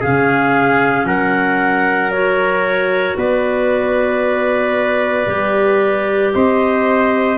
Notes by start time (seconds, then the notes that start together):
0.00 C#3 C#4 G#4 F5
1.04 F#3 A#4 F#5
2.11 F#4 C#5
3.16 B3 B4 D5
5.26 G3 G4
6.34 C4 C5 D#5